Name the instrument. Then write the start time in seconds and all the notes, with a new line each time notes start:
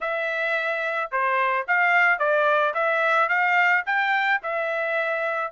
trumpet
0.00 E5
1.11 C5
1.67 F5
2.18 D5
2.73 E5
3.28 F5
3.85 G5
4.42 E5